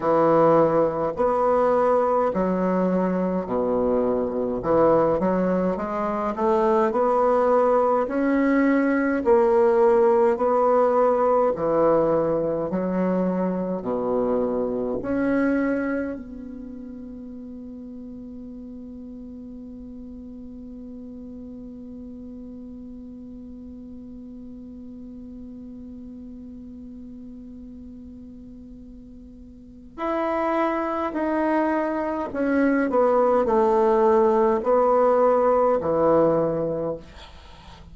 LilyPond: \new Staff \with { instrumentName = "bassoon" } { \time 4/4 \tempo 4 = 52 e4 b4 fis4 b,4 | e8 fis8 gis8 a8 b4 cis'4 | ais4 b4 e4 fis4 | b,4 cis'4 b2~ |
b1~ | b1~ | b2 e'4 dis'4 | cis'8 b8 a4 b4 e4 | }